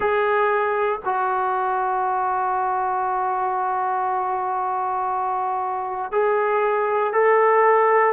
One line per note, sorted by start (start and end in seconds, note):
0.00 0.99 G#4
1.04 6.11 F#4
6.11 7.12 G#4
7.12 8.12 A4